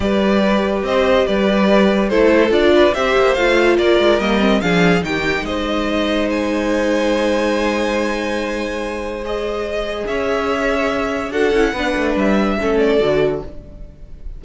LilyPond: <<
  \new Staff \with { instrumentName = "violin" } { \time 4/4 \tempo 4 = 143 d''2 dis''4 d''4~ | d''4 c''4 d''4 e''4 | f''4 d''4 dis''4 f''4 | g''4 dis''2 gis''4~ |
gis''1~ | gis''2 dis''2 | e''2. fis''4~ | fis''4 e''4. d''4. | }
  \new Staff \with { instrumentName = "violin" } { \time 4/4 b'2 c''4 b'4~ | b'4 a'4. b'8 c''4~ | c''4 ais'2 gis'4 | g'4 c''2.~ |
c''1~ | c''1 | cis''2. a'4 | b'2 a'2 | }
  \new Staff \with { instrumentName = "viola" } { \time 4/4 g'1~ | g'4 e'4 f'4 g'4 | f'2 ais8 c'8 d'4 | dis'1~ |
dis'1~ | dis'2 gis'2~ | gis'2. fis'8 e'8 | d'2 cis'4 fis'4 | }
  \new Staff \with { instrumentName = "cello" } { \time 4/4 g2 c'4 g4~ | g4 a4 d'4 c'8 ais8 | a4 ais8 gis8 g4 f4 | dis4 gis2.~ |
gis1~ | gis1 | cis'2. d'8 cis'8 | b8 a8 g4 a4 d4 | }
>>